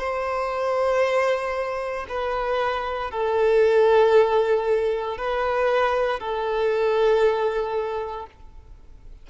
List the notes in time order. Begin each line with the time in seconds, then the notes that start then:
0.00 C5
2.09 B4
3.11 A4
5.18 B4
6.20 A4